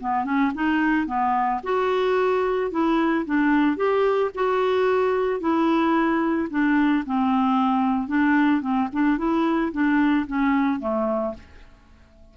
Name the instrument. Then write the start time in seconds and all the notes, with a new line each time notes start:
clarinet
0.00 B3
0.25 C#4
0.54 D#4
1.06 B3
1.63 F#4
2.71 E4
3.25 D4
3.76 G4
4.34 F#4
5.40 E4
6.50 D4
7.06 C4
8.08 D4
8.61 C4
8.92 D4
9.17 E4
9.72 D4
10.27 C#4
10.80 A3